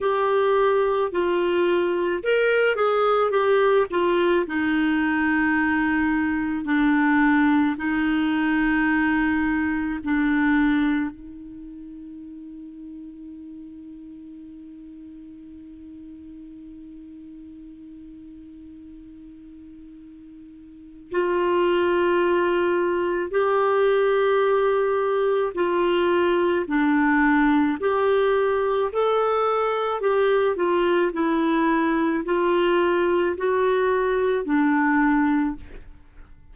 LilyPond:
\new Staff \with { instrumentName = "clarinet" } { \time 4/4 \tempo 4 = 54 g'4 f'4 ais'8 gis'8 g'8 f'8 | dis'2 d'4 dis'4~ | dis'4 d'4 dis'2~ | dis'1~ |
dis'2. f'4~ | f'4 g'2 f'4 | d'4 g'4 a'4 g'8 f'8 | e'4 f'4 fis'4 d'4 | }